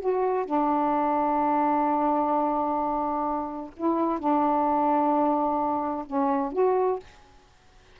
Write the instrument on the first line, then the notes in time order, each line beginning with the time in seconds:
saxophone
0.00 F#4
0.45 D4
3.76 E4
4.19 D4
6.06 C#4
6.52 F#4